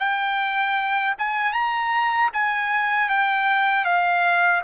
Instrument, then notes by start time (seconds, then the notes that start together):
trumpet
0.00 G5
1.19 G#5
1.53 A#5
2.34 G#5
3.09 G5
3.85 F5